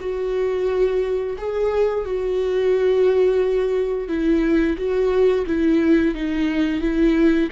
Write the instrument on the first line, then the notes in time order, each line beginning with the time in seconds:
viola
0.00 F#4
1.38 G#4
2.05 F#4
4.08 E4
4.77 F#4
5.46 E4
6.15 D#4
6.81 E4